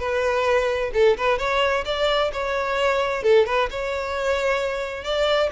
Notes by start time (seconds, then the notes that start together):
0.00 B4
0.94 A4
1.18 B4
1.39 C#5
1.86 D5
2.33 C#5
3.24 A4
3.47 B4
3.71 C#5
5.04 D5